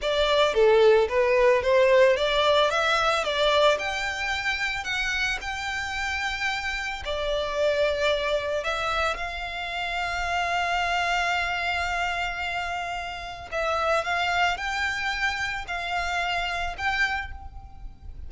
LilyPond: \new Staff \with { instrumentName = "violin" } { \time 4/4 \tempo 4 = 111 d''4 a'4 b'4 c''4 | d''4 e''4 d''4 g''4~ | g''4 fis''4 g''2~ | g''4 d''2. |
e''4 f''2.~ | f''1~ | f''4 e''4 f''4 g''4~ | g''4 f''2 g''4 | }